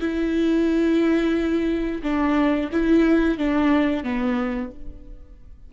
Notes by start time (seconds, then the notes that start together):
0.00 E4
2.03 D4
2.72 E4
3.38 D4
4.04 B3